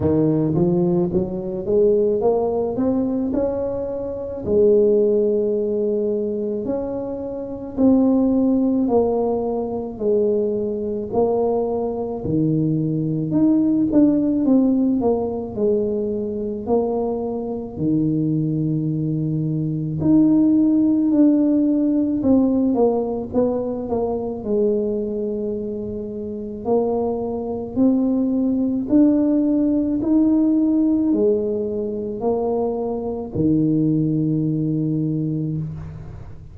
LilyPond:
\new Staff \with { instrumentName = "tuba" } { \time 4/4 \tempo 4 = 54 dis8 f8 fis8 gis8 ais8 c'8 cis'4 | gis2 cis'4 c'4 | ais4 gis4 ais4 dis4 | dis'8 d'8 c'8 ais8 gis4 ais4 |
dis2 dis'4 d'4 | c'8 ais8 b8 ais8 gis2 | ais4 c'4 d'4 dis'4 | gis4 ais4 dis2 | }